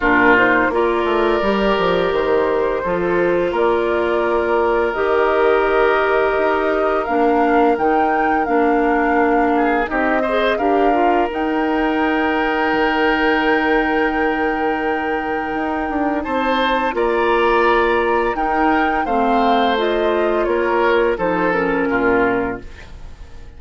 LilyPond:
<<
  \new Staff \with { instrumentName = "flute" } { \time 4/4 \tempo 4 = 85 ais'8 c''8 d''2 c''4~ | c''4 d''2 dis''4~ | dis''2 f''4 g''4 | f''2 dis''4 f''4 |
g''1~ | g''2. a''4 | ais''2 g''4 f''4 | dis''4 cis''4 c''8 ais'4. | }
  \new Staff \with { instrumentName = "oboe" } { \time 4/4 f'4 ais'2. | a'4 ais'2.~ | ais'1~ | ais'4. gis'8 g'8 c''8 ais'4~ |
ais'1~ | ais'2. c''4 | d''2 ais'4 c''4~ | c''4 ais'4 a'4 f'4 | }
  \new Staff \with { instrumentName = "clarinet" } { \time 4/4 d'8 dis'8 f'4 g'2 | f'2. g'4~ | g'2 d'4 dis'4 | d'2 dis'8 gis'8 g'8 f'8 |
dis'1~ | dis'1 | f'2 dis'4 c'4 | f'2 dis'8 cis'4. | }
  \new Staff \with { instrumentName = "bassoon" } { \time 4/4 ais,4 ais8 a8 g8 f8 dis4 | f4 ais2 dis4~ | dis4 dis'4 ais4 dis4 | ais2 c'4 d'4 |
dis'2 dis2~ | dis2 dis'8 d'8 c'4 | ais2 dis'4 a4~ | a4 ais4 f4 ais,4 | }
>>